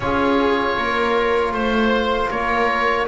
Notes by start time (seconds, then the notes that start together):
0.00 C#4 F4 G#4 C#5
0.77 A#3 A#4
1.52 A3 C5
2.30 A#3 A#4 C#5